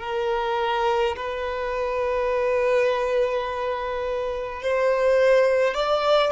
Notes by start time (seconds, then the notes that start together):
0.00 A#4
1.16 B4
4.62 C5
5.74 D5